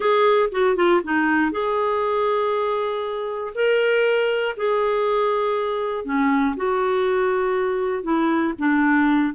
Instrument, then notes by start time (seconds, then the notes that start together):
clarinet
0.00 G#4
0.51 F#4
0.76 F4
1.04 D#4
1.51 G#4
3.54 A#4
4.57 G#4
6.04 C#4
6.56 F#4
8.03 E4
8.58 D4